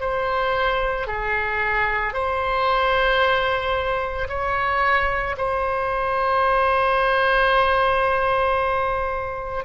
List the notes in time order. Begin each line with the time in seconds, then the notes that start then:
0.00 C5
1.07 G#4
2.13 C5
4.29 C#5
5.37 C5